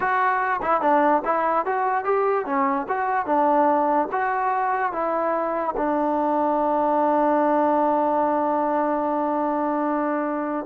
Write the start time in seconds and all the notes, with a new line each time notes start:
0.00 F#4
0.62 E4
0.81 D4
1.24 E4
1.65 F#4
2.04 G4
2.45 C#4
2.88 F#4
3.25 D4
4.11 F#4
4.92 E4
5.76 D4